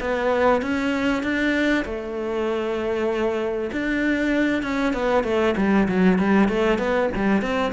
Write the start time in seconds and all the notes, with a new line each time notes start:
0.00 B3
0.62 C#4
1.23 D4
1.85 A3
3.72 D4
4.62 C#4
4.93 B3
5.23 A3
5.57 G3
5.88 F#3
6.18 G3
6.48 A3
6.78 B3
7.15 G3
7.41 C4